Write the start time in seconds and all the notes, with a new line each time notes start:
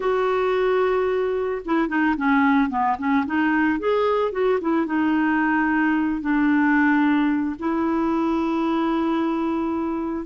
0.00 F#4
1.65 E4
1.88 D#4
2.16 C#4
2.69 B3
2.98 C#4
3.26 D#4
3.79 G#4
4.32 F#4
4.60 E4
4.86 D#4
6.21 D4
7.59 E4